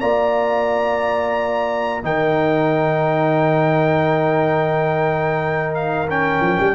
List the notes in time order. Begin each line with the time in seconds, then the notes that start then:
0.00 A#3 F4 D5 A#5
2.03 D#3 D#4 A#4 G5
5.75 F5
6.10 C#4 G5
6.41 F3
6.60 G3